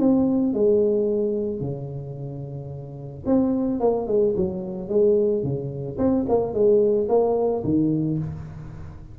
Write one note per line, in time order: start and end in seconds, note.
0.00 0.54 C4
0.54 1.61 G#3
1.61 3.25 C#3
3.26 3.80 C4
3.80 4.08 A#3
4.08 4.35 G#3
4.37 4.89 F#3
4.89 5.43 G#3
5.43 5.98 C#3
5.99 6.26 C4
6.29 6.54 A#3
6.54 7.08 G#3
7.09 7.64 A#3
7.64 8.19 D#3